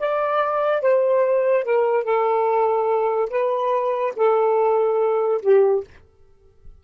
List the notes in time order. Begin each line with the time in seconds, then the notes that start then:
0.00 D5
0.82 C5
1.65 A#4
2.05 A4
3.30 B4
4.17 A4
5.42 G4